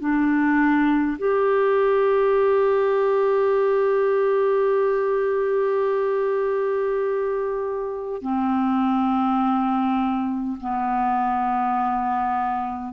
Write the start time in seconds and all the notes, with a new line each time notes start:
0.00 D4
1.18 G4
8.22 C4
10.61 B3